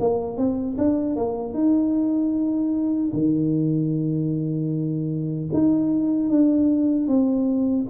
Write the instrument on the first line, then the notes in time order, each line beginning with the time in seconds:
tuba
0.00 A#3
0.37 C4
0.78 D4
1.16 A#3
1.54 D#4
3.13 D#3
5.53 D#4
6.29 D4
7.07 C4